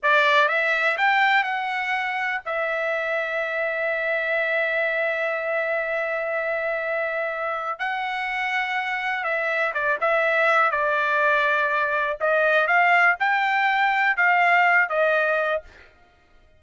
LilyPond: \new Staff \with { instrumentName = "trumpet" } { \time 4/4 \tempo 4 = 123 d''4 e''4 g''4 fis''4~ | fis''4 e''2.~ | e''1~ | e''1 |
fis''2. e''4 | d''8 e''4. d''2~ | d''4 dis''4 f''4 g''4~ | g''4 f''4. dis''4. | }